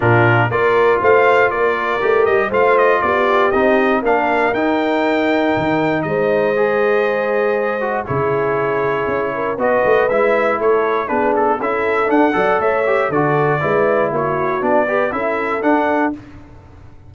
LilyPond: <<
  \new Staff \with { instrumentName = "trumpet" } { \time 4/4 \tempo 4 = 119 ais'4 d''4 f''4 d''4~ | d''8 dis''8 f''8 dis''8 d''4 dis''4 | f''4 g''2. | dis''1 |
cis''2. dis''4 | e''4 cis''4 b'8 a'8 e''4 | fis''4 e''4 d''2 | cis''4 d''4 e''4 fis''4 | }
  \new Staff \with { instrumentName = "horn" } { \time 4/4 f'4 ais'4 c''4 ais'4~ | ais'4 c''4 g'2 | ais'1 | c''1 |
gis'2~ gis'8 ais'8 b'4~ | b'4 a'4 gis'4 a'4~ | a'8 d''8 cis''4 a'4 b'4 | fis'4. b'8 a'2 | }
  \new Staff \with { instrumentName = "trombone" } { \time 4/4 d'4 f'2. | g'4 f'2 dis'4 | d'4 dis'2.~ | dis'4 gis'2~ gis'8 fis'8 |
e'2. fis'4 | e'2 d'4 e'4 | d'8 a'4 g'8 fis'4 e'4~ | e'4 d'8 g'8 e'4 d'4 | }
  \new Staff \with { instrumentName = "tuba" } { \time 4/4 ais,4 ais4 a4 ais4 | a8 g8 a4 b4 c'4 | ais4 dis'2 dis4 | gis1 |
cis2 cis'4 b8 a8 | gis4 a4 b4 cis'4 | d'8 fis8 a4 d4 gis4 | ais4 b4 cis'4 d'4 | }
>>